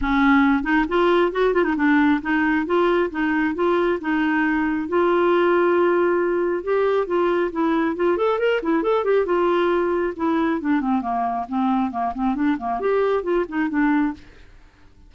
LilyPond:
\new Staff \with { instrumentName = "clarinet" } { \time 4/4 \tempo 4 = 136 cis'4. dis'8 f'4 fis'8 f'16 dis'16 | d'4 dis'4 f'4 dis'4 | f'4 dis'2 f'4~ | f'2. g'4 |
f'4 e'4 f'8 a'8 ais'8 e'8 | a'8 g'8 f'2 e'4 | d'8 c'8 ais4 c'4 ais8 c'8 | d'8 ais8 g'4 f'8 dis'8 d'4 | }